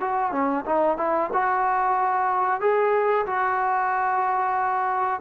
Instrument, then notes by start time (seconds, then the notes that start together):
trombone
0.00 F#4
0.32 C#4
0.66 D#4
0.98 E4
1.33 F#4
2.61 G#4
3.26 F#4